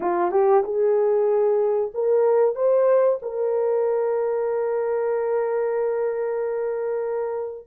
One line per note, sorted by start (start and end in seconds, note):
0.00 0.31 F4
0.31 0.63 G4
0.64 1.91 G#4
1.94 2.55 A#4
2.55 3.19 C5
3.21 7.67 A#4